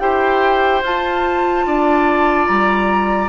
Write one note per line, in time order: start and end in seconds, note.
0.00 0.82 E4
0.00 0.82 G4
0.00 1.66 C5
0.00 0.82 G5
0.82 1.64 F4
0.82 3.29 F4
0.82 2.47 A5
1.66 2.48 D4
1.66 3.29 D5
2.47 3.29 G3
2.47 3.29 A#5